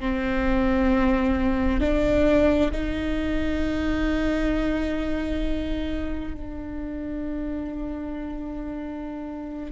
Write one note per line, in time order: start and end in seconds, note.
0.00 1.81 C4
1.81 2.71 D4
2.72 6.35 D#4
6.35 9.72 D4